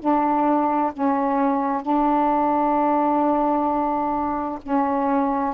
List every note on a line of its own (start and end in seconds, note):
0.00 0.92 D4
0.94 1.83 C#4
1.83 4.59 D4
4.63 5.55 C#4